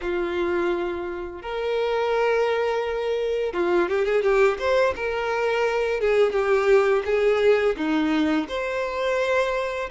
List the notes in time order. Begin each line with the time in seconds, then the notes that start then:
0.01 F4
1.41 A#4
3.53 F4
3.88 G4
4.05 G#4
4.22 G4
4.58 C5
4.95 A#4
6.00 G#4
6.32 G4
7.05 G#4
7.76 D#4
8.48 C5